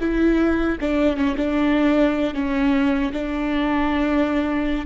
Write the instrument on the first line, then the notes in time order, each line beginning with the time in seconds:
viola
0.00 E4
0.80 D4
1.17 C#4
1.37 D4
2.34 C#4
3.13 D4